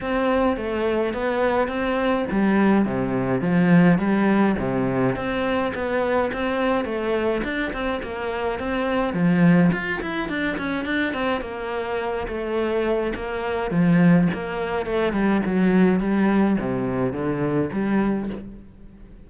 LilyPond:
\new Staff \with { instrumentName = "cello" } { \time 4/4 \tempo 4 = 105 c'4 a4 b4 c'4 | g4 c4 f4 g4 | c4 c'4 b4 c'4 | a4 d'8 c'8 ais4 c'4 |
f4 f'8 e'8 d'8 cis'8 d'8 c'8 | ais4. a4. ais4 | f4 ais4 a8 g8 fis4 | g4 c4 d4 g4 | }